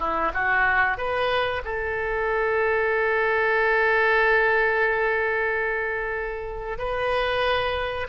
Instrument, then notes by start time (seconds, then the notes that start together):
oboe
0.00 E4
0.34 F#4
0.98 B4
1.65 A4
6.79 B4